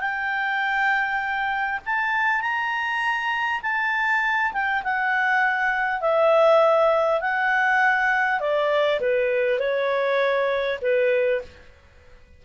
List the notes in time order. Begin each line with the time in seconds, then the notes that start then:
0.00 G5
1.85 A5
2.41 A#5
3.62 A5
4.52 G5
4.83 F#5
6.01 E5
7.21 F#5
8.40 D5
9.00 B4
9.59 C#5
10.81 B4